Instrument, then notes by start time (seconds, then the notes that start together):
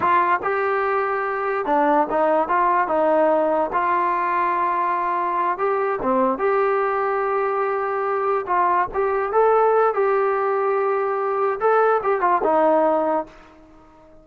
trombone
0.00 F4
0.42 G4
1.65 D4
2.10 D#4
2.48 F4
2.87 D#4
3.73 F4
5.58 G4
6.02 C4
6.38 G4
8.46 F4
8.94 G4
9.32 A4
9.94 G4
11.60 A4
12.03 G4
12.21 F4
12.43 D#4